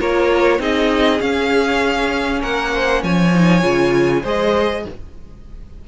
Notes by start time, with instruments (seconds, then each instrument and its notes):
0.00 cello A#3, viola F4, violin A#4 C#5
0.59 cello C4, viola D#4, violin G#4 D#5
1.19 viola C#4, cello C#4, violin F5
2.41 cello A#3, violin A#4 F#5
2.74 violin C5
3.03 cello F3, violin C#5 G#5
3.35 viola D#4
3.61 cello C#3, viola F4
4.22 cello G#3, viola G#4, violin C5 D#5